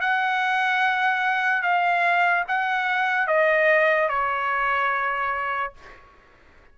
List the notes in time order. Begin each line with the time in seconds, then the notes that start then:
0.00 F#5
1.62 F5
2.48 F#5
3.27 D#5
4.09 C#5